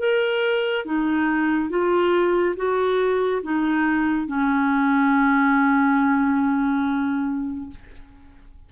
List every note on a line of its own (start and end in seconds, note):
0.00 0.85 A#4
0.85 1.70 D#4
1.70 2.56 F4
2.56 3.42 F#4
3.43 4.27 D#4
4.27 7.70 C#4